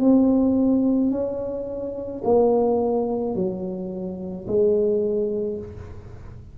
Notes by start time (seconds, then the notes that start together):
0.00 C4
1.11 C#4
2.24 A#3
3.35 F#3
4.47 G#3